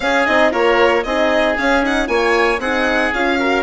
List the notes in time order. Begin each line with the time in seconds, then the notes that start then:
0.00 C#4 G#4 F5
0.26 C4 D#4 D#5
0.51 A#3 F4 A#4 C#5
1.03 C4 D#4 G#4 D#5
1.56 C#4 F5
1.82 D#4 F#5
2.06 A#3 F4 C#5 G#5
2.58 C4 D#4 G#4 F#5
3.13 C#4 F4 F5
3.39 F#4 A#4